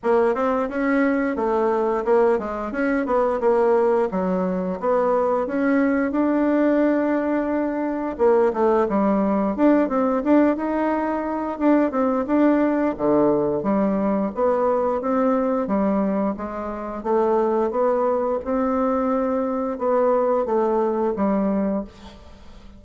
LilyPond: \new Staff \with { instrumentName = "bassoon" } { \time 4/4 \tempo 4 = 88 ais8 c'8 cis'4 a4 ais8 gis8 | cis'8 b8 ais4 fis4 b4 | cis'4 d'2. | ais8 a8 g4 d'8 c'8 d'8 dis'8~ |
dis'4 d'8 c'8 d'4 d4 | g4 b4 c'4 g4 | gis4 a4 b4 c'4~ | c'4 b4 a4 g4 | }